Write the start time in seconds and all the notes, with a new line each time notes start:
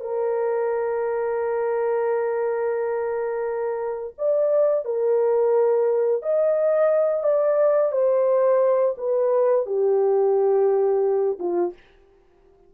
0.00 A#4
4.18 D5
4.85 A#4
6.22 D#5
7.23 D5
7.92 C5
8.97 B4
9.66 G4
11.39 F4